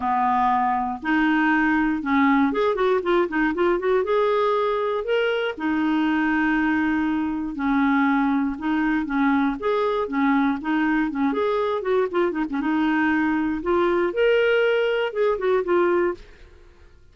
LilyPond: \new Staff \with { instrumentName = "clarinet" } { \time 4/4 \tempo 4 = 119 b2 dis'2 | cis'4 gis'8 fis'8 f'8 dis'8 f'8 fis'8 | gis'2 ais'4 dis'4~ | dis'2. cis'4~ |
cis'4 dis'4 cis'4 gis'4 | cis'4 dis'4 cis'8 gis'4 fis'8 | f'8 dis'16 cis'16 dis'2 f'4 | ais'2 gis'8 fis'8 f'4 | }